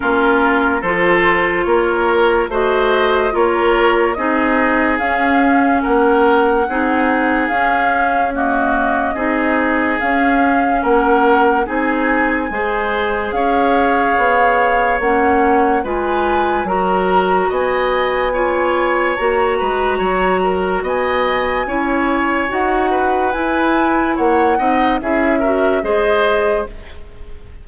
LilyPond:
<<
  \new Staff \with { instrumentName = "flute" } { \time 4/4 \tempo 4 = 72 ais'4 c''4 cis''4 dis''4 | cis''4 dis''4 f''4 fis''4~ | fis''4 f''4 dis''2 | f''4 fis''4 gis''2 |
f''2 fis''4 gis''4 | ais''4 gis''2 ais''4~ | ais''4 gis''2 fis''4 | gis''4 fis''4 e''4 dis''4 | }
  \new Staff \with { instrumentName = "oboe" } { \time 4/4 f'4 a'4 ais'4 c''4 | ais'4 gis'2 ais'4 | gis'2 fis'4 gis'4~ | gis'4 ais'4 gis'4 c''4 |
cis''2. b'4 | ais'4 dis''4 cis''4. b'8 | cis''8 ais'8 dis''4 cis''4. b'8~ | b'4 cis''8 dis''8 gis'8 ais'8 c''4 | }
  \new Staff \with { instrumentName = "clarinet" } { \time 4/4 cis'4 f'2 fis'4 | f'4 dis'4 cis'2 | dis'4 cis'4 ais4 dis'4 | cis'2 dis'4 gis'4~ |
gis'2 cis'4 f'4 | fis'2 f'4 fis'4~ | fis'2 e'4 fis'4 | e'4. dis'8 e'8 fis'8 gis'4 | }
  \new Staff \with { instrumentName = "bassoon" } { \time 4/4 ais4 f4 ais4 a4 | ais4 c'4 cis'4 ais4 | c'4 cis'2 c'4 | cis'4 ais4 c'4 gis4 |
cis'4 b4 ais4 gis4 | fis4 b2 ais8 gis8 | fis4 b4 cis'4 dis'4 | e'4 ais8 c'8 cis'4 gis4 | }
>>